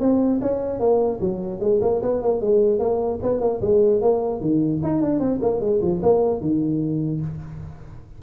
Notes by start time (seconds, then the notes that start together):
0.00 C4
0.41 C#4
0.79 A#3
1.20 F#3
1.60 G#3
1.81 A#3
2.02 B3
2.22 A#3
2.41 G#3
2.79 A#3
3.22 B3
3.40 A#3
3.61 G#3
4.01 A#3
4.41 D#3
4.83 D#4
5.01 D4
5.19 C4
5.41 A#3
5.60 G#3
5.81 F3
6.02 A#3
6.41 D#3